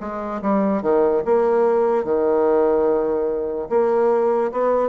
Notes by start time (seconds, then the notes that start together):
0.00 G#3
0.41 G3
0.82 D#3
1.24 A#3
2.04 D#3
3.69 A#3
4.51 B3